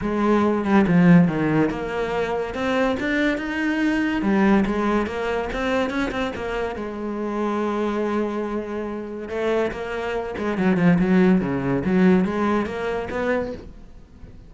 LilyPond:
\new Staff \with { instrumentName = "cello" } { \time 4/4 \tempo 4 = 142 gis4. g8 f4 dis4 | ais2 c'4 d'4 | dis'2 g4 gis4 | ais4 c'4 cis'8 c'8 ais4 |
gis1~ | gis2 a4 ais4~ | ais8 gis8 fis8 f8 fis4 cis4 | fis4 gis4 ais4 b4 | }